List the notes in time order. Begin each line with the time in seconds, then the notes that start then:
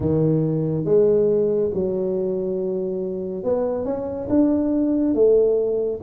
0.00 D#3
0.84 G#3
1.73 F#3
3.43 B3
3.85 C#4
4.29 D4
5.14 A3